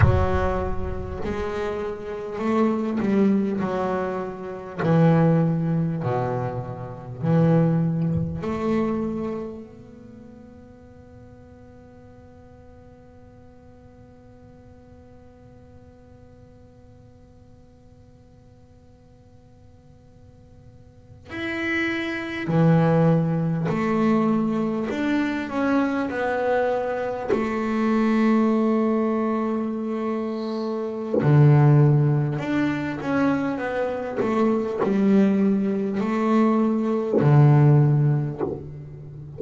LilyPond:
\new Staff \with { instrumentName = "double bass" } { \time 4/4 \tempo 4 = 50 fis4 gis4 a8 g8 fis4 | e4 b,4 e4 a4 | b1~ | b1~ |
b4.~ b16 e'4 e4 a16~ | a8. d'8 cis'8 b4 a4~ a16~ | a2 d4 d'8 cis'8 | b8 a8 g4 a4 d4 | }